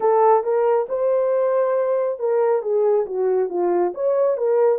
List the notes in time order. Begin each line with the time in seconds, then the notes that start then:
0.00 A4
0.43 A#4
0.88 C5
2.19 A#4
2.62 G#4
3.06 F#4
3.49 F4
3.94 C#5
4.37 A#4